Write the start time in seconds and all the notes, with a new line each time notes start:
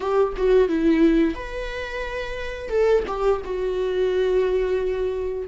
0.00 G4
0.36 F#4
0.68 E4
1.35 B4
2.69 A4
3.07 G4
3.44 F#4